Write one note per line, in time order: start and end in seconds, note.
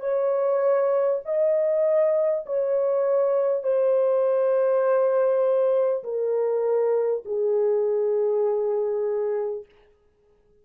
0.00 1.20 C#5
1.25 2.45 D#5
2.46 3.63 C#5
3.63 6.03 C5
6.03 7.23 A#4
7.25 9.65 G#4